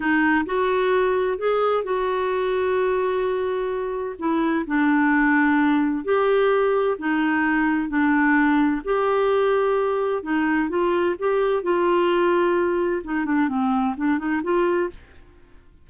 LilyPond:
\new Staff \with { instrumentName = "clarinet" } { \time 4/4 \tempo 4 = 129 dis'4 fis'2 gis'4 | fis'1~ | fis'4 e'4 d'2~ | d'4 g'2 dis'4~ |
dis'4 d'2 g'4~ | g'2 dis'4 f'4 | g'4 f'2. | dis'8 d'8 c'4 d'8 dis'8 f'4 | }